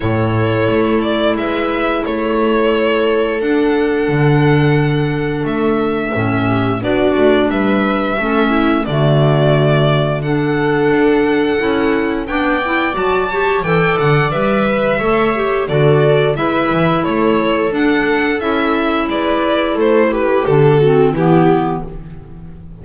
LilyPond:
<<
  \new Staff \with { instrumentName = "violin" } { \time 4/4 \tempo 4 = 88 cis''4. d''8 e''4 cis''4~ | cis''4 fis''2. | e''2 d''4 e''4~ | e''4 d''2 fis''4~ |
fis''2 g''4 a''4 | g''8 fis''8 e''2 d''4 | e''4 cis''4 fis''4 e''4 | d''4 c''8 b'8 a'4 g'4 | }
  \new Staff \with { instrumentName = "viola" } { \time 4/4 a'2 b'4 a'4~ | a'1~ | a'4. g'8 fis'4 b'4 | a'8 e'8 fis'2 a'4~ |
a'2 d''4. cis''8 | d''4. b'8 cis''4 a'4 | b'4 a'2. | b'4 a'8 g'4 fis'8 e'4 | }
  \new Staff \with { instrumentName = "clarinet" } { \time 4/4 e'1~ | e'4 d'2.~ | d'4 cis'4 d'2 | cis'4 a2 d'4~ |
d'4 e'4 d'8 e'8 fis'8 g'8 | a'4 b'4 a'8 g'8 fis'4 | e'2 d'4 e'4~ | e'2 d'8 c'8 b4 | }
  \new Staff \with { instrumentName = "double bass" } { \time 4/4 a,4 a4 gis4 a4~ | a4 d'4 d2 | a4 a,4 b8 a8 g4 | a4 d2. |
d'4 cis'4 b4 fis4 | e8 d8 g4 a4 d4 | gis8 e8 a4 d'4 cis'4 | gis4 a4 d4 e4 | }
>>